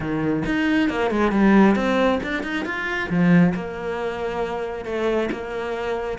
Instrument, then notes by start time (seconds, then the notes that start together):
cello
0.00 D#3
0.45 D#4
0.89 A#3
1.10 G#3
1.31 G3
1.75 C4
2.23 D4
2.43 D#4
2.65 F4
3.09 F3
3.54 A#3
4.85 A3
5.31 A#3